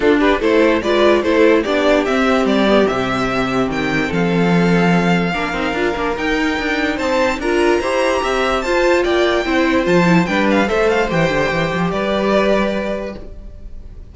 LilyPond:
<<
  \new Staff \with { instrumentName = "violin" } { \time 4/4 \tempo 4 = 146 a'8 b'8 c''4 d''4 c''4 | d''4 e''4 d''4 e''4~ | e''4 g''4 f''2~ | f''2. g''4~ |
g''4 a''4 ais''2~ | ais''4 a''4 g''2 | a''4 g''8 f''8 e''8 f''8 g''4~ | g''4 d''2. | }
  \new Staff \with { instrumentName = "violin" } { \time 4/4 f'8 g'8 a'4 b'4 a'4 | g'1~ | g'2 a'2~ | a'4 ais'2.~ |
ais'4 c''4 ais'4 c''4 | e''4 c''4 d''4 c''4~ | c''4 b'4 c''2~ | c''4 b'2. | }
  \new Staff \with { instrumentName = "viola" } { \time 4/4 d'4 e'4 f'4 e'4 | d'4 c'4. b8 c'4~ | c'1~ | c'4 d'8 dis'8 f'8 d'8 dis'4~ |
dis'2 f'4 g'4~ | g'4 f'2 e'4 | f'8 e'8 d'4 a'4 g'4~ | g'1 | }
  \new Staff \with { instrumentName = "cello" } { \time 4/4 d'4 a4 gis4 a4 | b4 c'4 g4 c4~ | c4 dis4 f2~ | f4 ais8 c'8 d'8 ais8 dis'4 |
d'4 c'4 d'4 e'4 | c'4 f'4 ais4 c'4 | f4 g4 a4 e8 d8 | e8 f8 g2. | }
>>